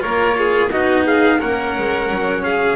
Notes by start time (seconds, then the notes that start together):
0.00 A#3 F4 A#4 C#5
0.38 G#4
0.71 B3 D#4 F#4 D#5
1.05 G#4 F5
1.39 A#3 C#4 A#4 F#5
1.78 G#3
2.11 F#3
2.44 G#4 F5